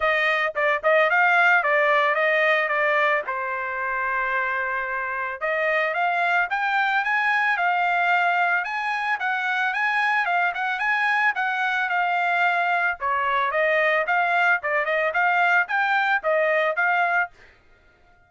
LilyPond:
\new Staff \with { instrumentName = "trumpet" } { \time 4/4 \tempo 4 = 111 dis''4 d''8 dis''8 f''4 d''4 | dis''4 d''4 c''2~ | c''2 dis''4 f''4 | g''4 gis''4 f''2 |
gis''4 fis''4 gis''4 f''8 fis''8 | gis''4 fis''4 f''2 | cis''4 dis''4 f''4 d''8 dis''8 | f''4 g''4 dis''4 f''4 | }